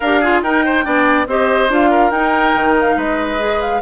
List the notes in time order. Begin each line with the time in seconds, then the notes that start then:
0.00 D4 G4 A#4 F5
0.20 F4 G#4
0.42 D#4 A#4 G5
0.64 C5
0.83 B3 D4 D5
1.26 C4 G4 C5 D#5
1.69 D4 F4 F5
1.90 A#4
2.10 D#4 G5
2.54 D#3
2.80 F5
2.96 G#3 B4 D#5
3.38 G#4
3.61 F5